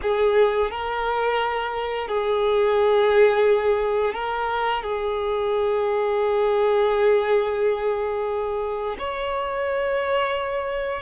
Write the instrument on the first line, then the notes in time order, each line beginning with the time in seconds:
violin
0.02 G#4
0.70 A#4
2.08 G#4
4.13 A#4
4.82 G#4
8.98 C#5